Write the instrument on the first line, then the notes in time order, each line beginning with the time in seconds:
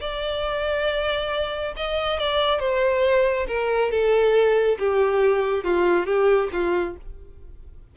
violin
0.00 D5
1.76 D#5
2.18 D5
2.59 C5
3.47 A#4
3.91 A4
4.79 G4
5.64 F4
6.06 G4
6.52 F4